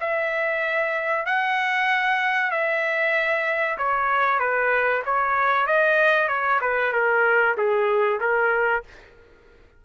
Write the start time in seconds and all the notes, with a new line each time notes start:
0.00 E5
1.26 F#5
2.51 E5
3.78 C#5
4.40 B4
5.05 C#5
5.67 D#5
6.28 C#5
6.61 B4
6.93 A#4
7.58 G#4
8.20 A#4